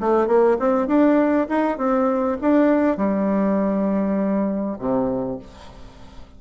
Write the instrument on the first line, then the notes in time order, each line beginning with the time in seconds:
bassoon
0.00 A3
0.27 A#3
0.59 C4
0.87 D4
1.49 D#4
1.78 C4
2.41 D4
2.97 G3
4.79 C3